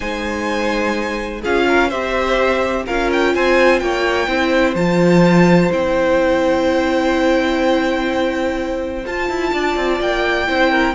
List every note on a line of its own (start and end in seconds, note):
0.00 1.43 G#3
0.00 1.42 D#4
0.00 1.41 C5
0.00 1.41 G#5
1.41 1.92 C#4
1.41 1.91 F4
1.41 1.64 G#4
1.41 1.90 F5
1.67 1.88 A#4
1.88 2.87 C4
1.88 2.87 G4
1.88 2.83 C5
1.88 2.85 E5
2.85 3.35 C#4
2.85 4.28 F4
2.85 3.33 A#4
2.85 3.10 F5
3.12 3.35 G5
3.34 3.81 C4
3.34 3.81 C5
3.34 3.79 G#5
3.79 4.27 A#3
3.79 4.28 C#5
3.79 4.74 G5
4.27 4.75 C4
4.27 4.75 E4
4.27 9.52 C5
4.75 5.70 F3
4.75 5.70 F4
4.75 5.71 A5
5.70 9.05 C4
5.70 9.04 E4
5.70 9.05 G5
9.05 10.47 F4
9.05 9.29 F4
9.05 10.01 A5
9.29 9.52 E4
9.52 9.76 D4
9.52 10.48 D5
9.76 10.00 C4
10.00 10.47 A#3
10.00 10.94 G5
10.47 10.94 C4
10.47 10.94 E4
10.47 10.70 C5
10.70 10.94 A#4